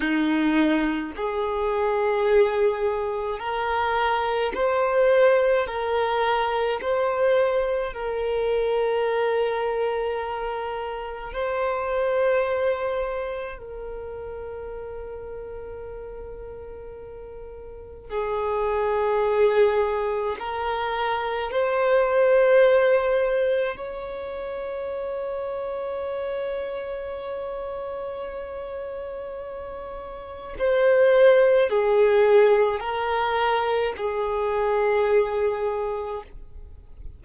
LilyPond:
\new Staff \with { instrumentName = "violin" } { \time 4/4 \tempo 4 = 53 dis'4 gis'2 ais'4 | c''4 ais'4 c''4 ais'4~ | ais'2 c''2 | ais'1 |
gis'2 ais'4 c''4~ | c''4 cis''2.~ | cis''2. c''4 | gis'4 ais'4 gis'2 | }